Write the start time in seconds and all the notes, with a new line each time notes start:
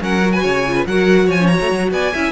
0.00 F#3 C#4 A#4 F#5
0.23 F#4
0.32 B4 G#5
0.42 C#3 C#5
0.67 F4
0.75 B4
0.86 F#3 F#4 A#4 F#5
1.26 F3 C#5 G#5
1.40 C#4
1.47 F#4 A#5
1.60 A3
1.71 F#3
1.91 B3 D5 G#5
2.13 C#4 E4 E5